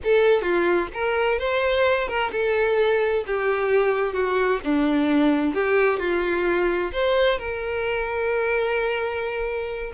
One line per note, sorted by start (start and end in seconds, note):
0.04 0.41 A4
0.41 0.87 F4
0.93 1.38 A#4
1.38 2.07 C5
2.07 2.31 A#4
2.32 3.24 A4
3.26 4.13 G4
4.13 4.59 F#4
4.64 5.54 D4
5.54 5.99 G4
5.99 6.91 F4
6.92 7.38 C5
7.38 9.92 A#4